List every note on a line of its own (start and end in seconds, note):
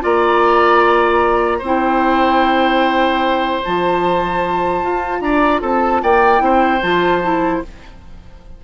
0.00 1.61 A#3
0.00 1.60 F4
0.00 1.58 D5
0.00 1.64 A#5
1.58 3.61 C4
1.58 5.18 C5
1.58 3.63 G5
1.64 3.62 E4
3.62 4.82 F3
3.62 6.38 F4
3.62 5.20 A5
4.82 5.21 F4
5.20 5.61 D4
5.20 5.61 D5
5.20 5.60 A#5
5.61 6.02 C4
5.61 6.01 A4
5.61 6.03 A5
6.02 6.41 A#3
6.02 6.42 D5
6.02 6.82 G5
6.38 6.81 C4
6.38 6.78 E4
6.38 7.64 C5
6.82 7.62 F3
6.82 7.22 F4
6.82 7.62 A5
7.23 7.63 E4